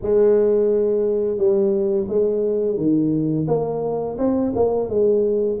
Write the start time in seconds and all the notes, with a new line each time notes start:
0.02 G#3
1.37 G3
2.08 G#3
2.77 D#3
3.47 A#3
4.18 C4
4.55 A#3
4.89 G#3